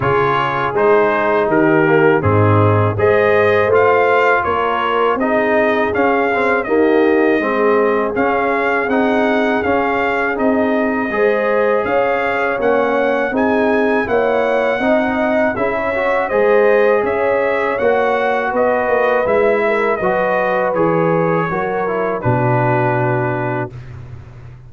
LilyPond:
<<
  \new Staff \with { instrumentName = "trumpet" } { \time 4/4 \tempo 4 = 81 cis''4 c''4 ais'4 gis'4 | dis''4 f''4 cis''4 dis''4 | f''4 dis''2 f''4 | fis''4 f''4 dis''2 |
f''4 fis''4 gis''4 fis''4~ | fis''4 e''4 dis''4 e''4 | fis''4 dis''4 e''4 dis''4 | cis''2 b'2 | }
  \new Staff \with { instrumentName = "horn" } { \time 4/4 gis'2 g'4 dis'4 | c''2 ais'4 gis'4~ | gis'4 g'4 gis'2~ | gis'2. c''4 |
cis''2 gis'4 cis''4 | dis''4 gis'16 cis''8. c''4 cis''4~ | cis''4 b'4. ais'8 b'4~ | b'4 ais'4 fis'2 | }
  \new Staff \with { instrumentName = "trombone" } { \time 4/4 f'4 dis'4. ais8 c'4 | gis'4 f'2 dis'4 | cis'8 c'8 ais4 c'4 cis'4 | dis'4 cis'4 dis'4 gis'4~ |
gis'4 cis'4 dis'4 e'4 | dis'4 e'8 fis'8 gis'2 | fis'2 e'4 fis'4 | gis'4 fis'8 e'8 d'2 | }
  \new Staff \with { instrumentName = "tuba" } { \time 4/4 cis4 gis4 dis4 gis,4 | gis4 a4 ais4 c'4 | cis'4 dis'4 gis4 cis'4 | c'4 cis'4 c'4 gis4 |
cis'4 ais4 c'4 ais4 | c'4 cis'4 gis4 cis'4 | ais4 b8 ais8 gis4 fis4 | e4 fis4 b,2 | }
>>